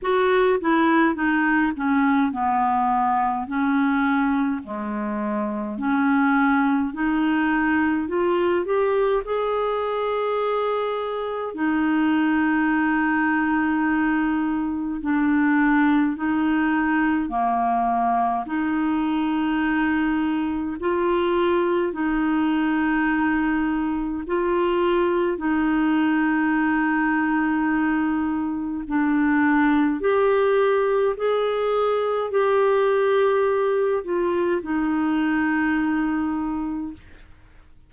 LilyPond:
\new Staff \with { instrumentName = "clarinet" } { \time 4/4 \tempo 4 = 52 fis'8 e'8 dis'8 cis'8 b4 cis'4 | gis4 cis'4 dis'4 f'8 g'8 | gis'2 dis'2~ | dis'4 d'4 dis'4 ais4 |
dis'2 f'4 dis'4~ | dis'4 f'4 dis'2~ | dis'4 d'4 g'4 gis'4 | g'4. f'8 dis'2 | }